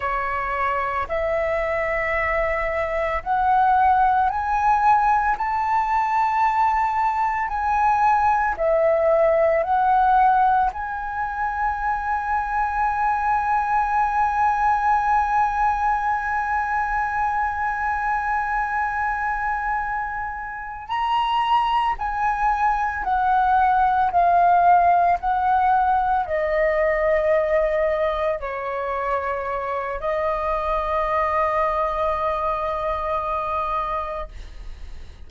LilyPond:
\new Staff \with { instrumentName = "flute" } { \time 4/4 \tempo 4 = 56 cis''4 e''2 fis''4 | gis''4 a''2 gis''4 | e''4 fis''4 gis''2~ | gis''1~ |
gis''2.~ gis''8 ais''8~ | ais''8 gis''4 fis''4 f''4 fis''8~ | fis''8 dis''2 cis''4. | dis''1 | }